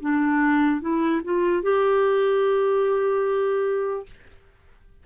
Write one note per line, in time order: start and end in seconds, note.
0.00 0.81 D4
0.81 1.21 E4
1.24 1.62 F4
1.62 4.05 G4